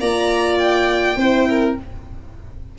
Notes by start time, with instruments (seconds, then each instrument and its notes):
0.00 tuba A#3, horn F4, violin D5 A#5
0.58 violin G5
1.17 tuba C4, horn E4, violin C5
1.49 violin A#4